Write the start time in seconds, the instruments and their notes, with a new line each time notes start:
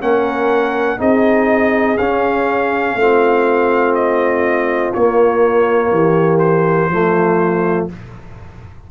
0.00 tuba A#3, trombone C#4, horn A#4, trumpet F#5
0.98 tuba C4, trombone D#4, horn G#4, trumpet D#5
1.97 tuba C#4, trombone C#4, trumpet F5
2.95 tuba A3, trombone C4, horn F4
3.94 trumpet D#5
4.93 tuba A#3, trombone A#3, trumpet C#5
5.91 tuba E3, horn G4
6.38 trumpet C5
6.89 tuba F3, trombone A3, horn F4